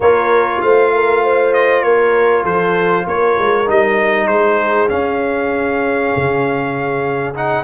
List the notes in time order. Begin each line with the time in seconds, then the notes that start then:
0.00 A#3 F4 A#4 C#5
0.61 A3 C5 F5
0.93 A#4
1.23 C5
1.53 D#5
1.82 A#3 A#4 C#5
2.44 F3 A4 C5
3.06 A#3 A#4 C#5
3.39 G#3
3.66 G3 D#4 D#5
4.27 G#3 G#4 C5
4.89 C#4 F5
6.16 C#3
7.34 D#4 F#5